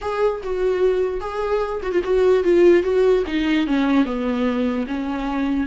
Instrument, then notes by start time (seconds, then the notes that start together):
viola
0.01 G#4
0.43 F#4
1.20 G#4
1.82 F#4
1.91 F4
2.04 F#4
2.43 F4
2.83 F#4
3.26 D#4
3.66 C#4
4.05 B3
4.87 C#4